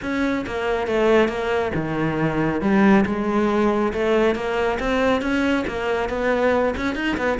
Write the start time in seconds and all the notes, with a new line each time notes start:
0.01 C#4
0.46 A#3
0.87 A3
1.28 A#3
1.74 D#3
2.61 G3
3.05 G#3
3.93 A3
4.35 A#3
4.79 C4
5.21 C#4
5.67 A#3
6.09 B3
6.76 C#4
6.95 D#4
7.17 B3